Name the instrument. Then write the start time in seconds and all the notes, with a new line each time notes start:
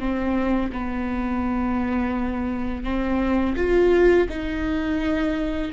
viola
0.00 C4
0.72 B3
2.84 C4
3.57 F4
4.29 D#4